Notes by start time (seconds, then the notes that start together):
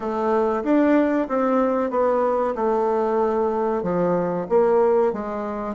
0.00 A3
0.63 D4
1.28 C4
1.90 B3
2.55 A3
3.82 F3
4.49 A#3
5.12 G#3